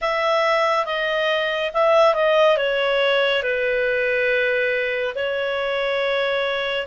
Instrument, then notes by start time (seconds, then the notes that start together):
clarinet
0.01 E5
0.85 D#5
1.73 E5
2.14 D#5
2.57 C#5
3.42 B4
5.15 C#5